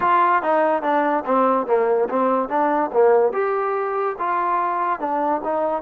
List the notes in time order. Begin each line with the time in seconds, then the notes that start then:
0.00 F4
0.42 D#4
0.82 D4
1.25 C4
1.67 A#3
2.09 C4
2.48 D4
2.92 A#3
3.33 G4
4.18 F4
4.99 D4
5.44 D#4